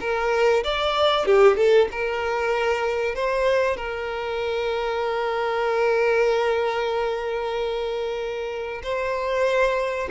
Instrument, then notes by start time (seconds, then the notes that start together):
violin
0.00 A#4
0.64 D5
1.25 G4
1.57 A4
1.91 A#4
3.15 C5
3.77 A#4
8.83 C5